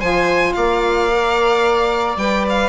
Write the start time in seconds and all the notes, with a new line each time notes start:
0.00 F3 F4 C5 G#5
0.53 A#3 D5 F5
1.11 A#4
2.17 G3 B4 G5
2.50 F5